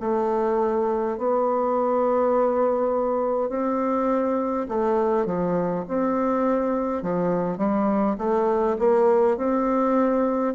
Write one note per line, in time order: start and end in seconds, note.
0.00 1.18 A3
1.18 3.49 B3
3.49 4.67 C4
4.68 5.26 A3
5.26 5.84 F3
5.88 7.03 C4
7.03 7.58 F3
7.58 8.17 G3
8.18 8.76 A3
8.79 9.37 A#3
9.37 10.55 C4